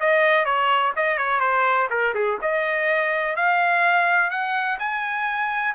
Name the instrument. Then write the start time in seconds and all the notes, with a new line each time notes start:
trumpet
0.00 D#5
0.45 C#5
0.96 D#5
1.18 C#5
1.40 C5
1.90 A#4
2.14 G#4
2.42 D#5
3.36 F5
4.30 F#5
4.79 G#5